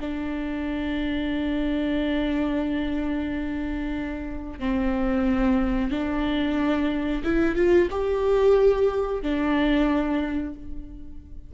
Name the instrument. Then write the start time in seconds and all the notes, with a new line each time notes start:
viola
0.00 D4
4.59 C4
5.91 D4
7.23 E4
7.55 F4
7.90 G4
9.22 D4